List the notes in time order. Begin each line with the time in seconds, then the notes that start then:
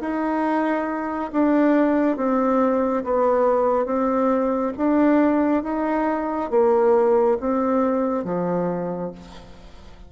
0.00 D#4
1.32 D4
2.16 C4
3.04 B3
3.85 C4
4.77 D4
5.63 D#4
6.50 A#3
7.40 C4
8.24 F3